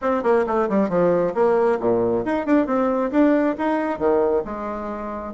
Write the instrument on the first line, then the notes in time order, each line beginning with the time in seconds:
bassoon
0.01 C4
0.23 A#3
0.46 A3
0.69 G3
0.89 F3
1.34 A#3
1.80 A#2
2.25 D#4
2.45 D4
2.66 C4
3.11 D4
3.57 D#4
3.98 D#3
4.44 G#3